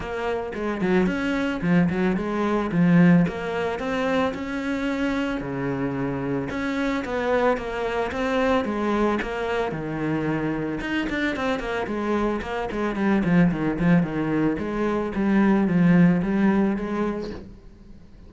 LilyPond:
\new Staff \with { instrumentName = "cello" } { \time 4/4 \tempo 4 = 111 ais4 gis8 fis8 cis'4 f8 fis8 | gis4 f4 ais4 c'4 | cis'2 cis2 | cis'4 b4 ais4 c'4 |
gis4 ais4 dis2 | dis'8 d'8 c'8 ais8 gis4 ais8 gis8 | g8 f8 dis8 f8 dis4 gis4 | g4 f4 g4 gis4 | }